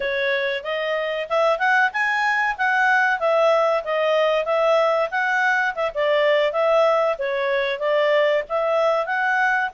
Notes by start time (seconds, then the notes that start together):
0.00 C#5
0.63 D#5
1.29 E5
1.58 F#5
1.92 G#5
2.57 F#5
3.19 E5
3.84 D#5
4.45 E5
5.10 F#5
5.75 E5
5.94 D5
6.52 E5
7.18 C#5
7.79 D5
8.48 E5
9.06 F#5